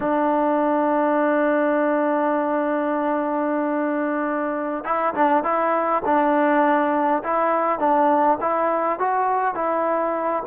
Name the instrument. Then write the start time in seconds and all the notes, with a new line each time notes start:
trombone
0.00 D4
4.84 E4
5.14 D4
5.43 E4
6.05 D4
7.23 E4
7.79 D4
8.40 E4
8.99 F#4
9.55 E4